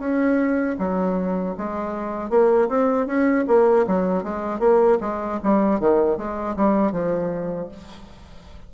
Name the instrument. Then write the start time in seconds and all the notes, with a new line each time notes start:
bassoon
0.00 C#4
0.79 F#3
1.58 G#3
2.30 A#3
2.69 C4
3.07 C#4
3.48 A#3
3.87 F#3
4.24 G#3
4.60 A#3
5.01 G#3
5.44 G3
5.80 D#3
6.18 G#3
6.56 G3
6.92 F3